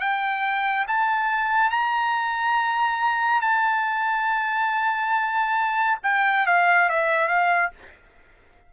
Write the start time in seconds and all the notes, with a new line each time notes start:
0.00 G5
0.88 A5
1.71 A#5
3.41 A5
6.04 G5
6.46 F5
6.90 E5
7.28 F5